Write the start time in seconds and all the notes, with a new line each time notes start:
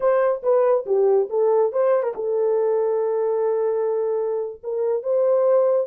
0.00 C5
0.42 B4
0.86 G4
1.29 A4
1.72 C5
2.03 A#4
2.15 A4
4.63 A#4
5.03 C5